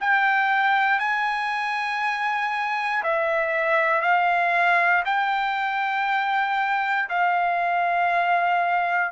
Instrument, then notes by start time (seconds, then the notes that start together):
trumpet
0.00 G5
0.99 G#5
3.03 E5
4.01 F5
5.05 G5
7.09 F5